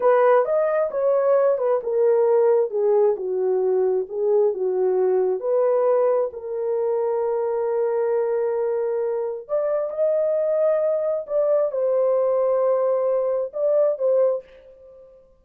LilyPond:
\new Staff \with { instrumentName = "horn" } { \time 4/4 \tempo 4 = 133 b'4 dis''4 cis''4. b'8 | ais'2 gis'4 fis'4~ | fis'4 gis'4 fis'2 | b'2 ais'2~ |
ais'1~ | ais'4 d''4 dis''2~ | dis''4 d''4 c''2~ | c''2 d''4 c''4 | }